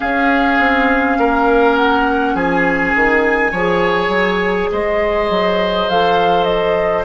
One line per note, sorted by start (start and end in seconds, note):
0.00 3.52 C#4
0.00 0.59 C#4
0.00 1.17 G#4
0.00 1.76 F5
0.59 1.17 C4
1.17 2.34 A#3
1.17 2.34 A#4
1.76 2.35 F#5
2.34 2.93 F3
2.34 3.51 G#4
2.34 4.71 G#5
2.95 3.52 D#3
3.51 4.08 F3
3.51 5.89 G#4
3.51 4.69 C#5
4.08 4.67 F#3
4.71 5.30 G#3
4.71 7.05 C5
4.71 5.89 D#5
5.30 5.88 F#3
5.89 7.05 F3
5.89 7.05 A4
5.89 6.44 F5
6.44 7.02 D#5